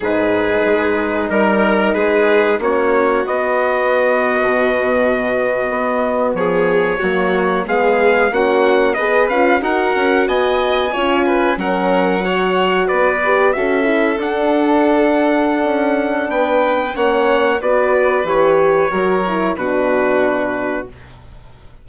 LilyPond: <<
  \new Staff \with { instrumentName = "trumpet" } { \time 4/4 \tempo 4 = 92 b'2 ais'4 b'4 | cis''4 dis''2.~ | dis''4.~ dis''16 cis''2 f''16~ | f''8. fis''4 dis''8 f''8 fis''4 gis''16~ |
gis''4.~ gis''16 fis''2 d''16~ | d''8. e''4 fis''2~ fis''16~ | fis''4 g''4 fis''4 d''4 | cis''2 b'2 | }
  \new Staff \with { instrumentName = "violin" } { \time 4/4 gis'2 ais'4 gis'4 | fis'1~ | fis'4.~ fis'16 gis'4 fis'4 gis'16~ | gis'8. fis'4 b'4 ais'4 dis''16~ |
dis''8. cis''8 b'8 ais'4 cis''4 b'16~ | b'8. a'2.~ a'16~ | a'4 b'4 cis''4 b'4~ | b'4 ais'4 fis'2 | }
  \new Staff \with { instrumentName = "horn" } { \time 4/4 dis'1 | cis'4 b2.~ | b2~ b8. ais4 b16~ | b8. cis'4 gis'8 f'8 fis'4~ fis'16~ |
fis'8. f'4 cis'4 fis'4~ fis'16~ | fis'16 g'8 fis'8 e'8 d'2~ d'16~ | d'2 cis'4 fis'4 | g'4 fis'8 e'8 d'2 | }
  \new Staff \with { instrumentName = "bassoon" } { \time 4/4 gis,4 gis4 g4 gis4 | ais4 b4.~ b16 b,4~ b,16~ | b,8. b4 f4 fis4 gis16~ | gis8. ais4 b8 cis'8 dis'8 cis'8 b16~ |
b8. cis'4 fis2 b16~ | b8. cis'4 d'2~ d'16 | cis'4 b4 ais4 b4 | e4 fis4 b,2 | }
>>